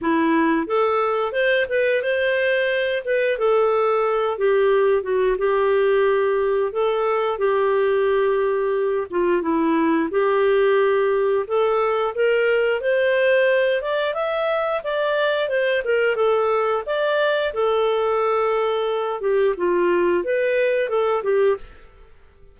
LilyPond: \new Staff \with { instrumentName = "clarinet" } { \time 4/4 \tempo 4 = 89 e'4 a'4 c''8 b'8 c''4~ | c''8 b'8 a'4. g'4 fis'8 | g'2 a'4 g'4~ | g'4. f'8 e'4 g'4~ |
g'4 a'4 ais'4 c''4~ | c''8 d''8 e''4 d''4 c''8 ais'8 | a'4 d''4 a'2~ | a'8 g'8 f'4 b'4 a'8 g'8 | }